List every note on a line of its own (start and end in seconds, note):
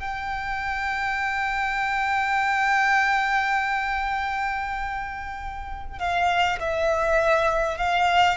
0.00 5.99 G5
5.99 6.59 F5
6.60 7.78 E5
7.78 8.38 F5